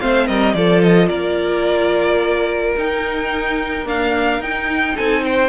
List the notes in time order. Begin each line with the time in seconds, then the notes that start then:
0.00 A3 C4 C5 F5
0.27 G3 A#4 D#5
0.54 F3 F4 A4 D5
0.82 D#5
1.09 A#3 A#4 D5
2.77 D#4 G5
3.86 A#3 D4 F5
4.39 D#4 G5
4.95 C4 A4 G#5
5.25 C5 G5